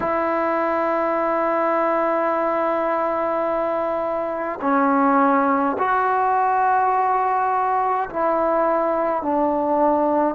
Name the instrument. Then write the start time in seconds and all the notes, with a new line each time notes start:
trombone
0.00 E4
4.61 C#4
5.78 F#4
8.09 E4
9.22 D4